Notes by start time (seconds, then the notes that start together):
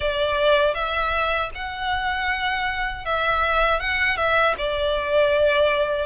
0.00 D5
0.74 E5
1.54 F#5
3.05 E5
3.79 F#5
4.16 E5
4.57 D5